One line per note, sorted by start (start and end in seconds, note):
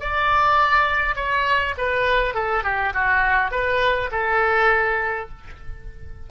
0.00 1.16 D5
1.16 1.75 C#5
1.78 2.35 B4
2.35 2.64 A4
2.64 2.93 G4
2.94 3.51 F#4
3.51 4.10 B4
4.12 5.29 A4